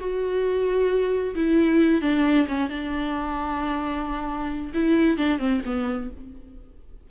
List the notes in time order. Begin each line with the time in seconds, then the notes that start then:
0.00 F#4
1.36 E4
2.02 D4
2.48 C#4
2.70 D4
4.74 E4
5.18 D4
5.39 C4
5.66 B3